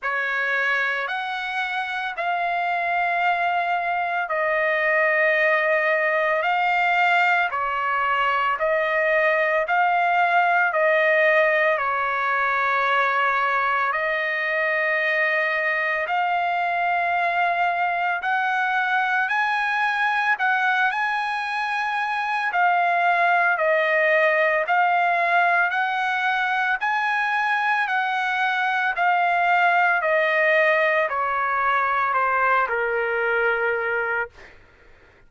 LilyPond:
\new Staff \with { instrumentName = "trumpet" } { \time 4/4 \tempo 4 = 56 cis''4 fis''4 f''2 | dis''2 f''4 cis''4 | dis''4 f''4 dis''4 cis''4~ | cis''4 dis''2 f''4~ |
f''4 fis''4 gis''4 fis''8 gis''8~ | gis''4 f''4 dis''4 f''4 | fis''4 gis''4 fis''4 f''4 | dis''4 cis''4 c''8 ais'4. | }